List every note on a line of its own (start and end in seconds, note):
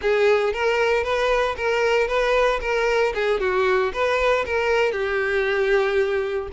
0.01 0.53 G#4
0.53 1.03 A#4
1.03 1.55 B4
1.56 2.07 A#4
2.07 2.59 B4
2.60 3.13 A#4
3.14 3.40 G#4
3.40 3.92 F#4
3.93 4.45 B4
4.45 4.92 A#4
4.92 6.48 G4